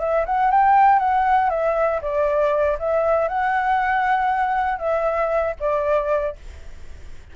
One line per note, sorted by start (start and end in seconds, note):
0.00 0.25 E5
0.26 0.51 F#5
0.51 0.99 G5
0.99 1.50 F#5
1.50 2.01 E5
2.02 2.78 D5
2.79 3.29 E5
3.29 4.79 F#5
4.79 5.55 E5
5.60 6.36 D5